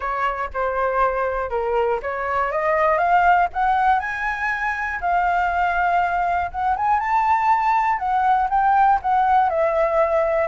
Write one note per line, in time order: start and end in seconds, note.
0.00 0.50 C#5
0.53 1.50 C5
1.50 2.00 A#4
2.02 2.51 C#5
2.51 2.97 D#5
2.97 3.47 F5
3.52 3.99 F#5
3.99 4.99 G#5
5.00 6.50 F5
6.51 6.76 F#5
6.76 6.99 G#5
6.99 7.98 A5
7.98 8.48 F#5
8.49 8.99 G5
9.01 9.49 F#5
9.49 10.47 E5